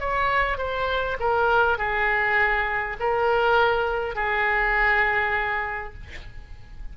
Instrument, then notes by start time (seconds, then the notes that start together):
oboe
0.00 C#5
0.58 C5
1.20 A#4
1.78 G#4
2.99 A#4
4.15 G#4